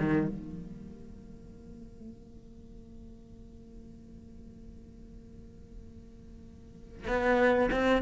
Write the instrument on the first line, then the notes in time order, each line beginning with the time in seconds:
cello
0.00 D#3
0.28 A#3
7.08 B3
7.71 C4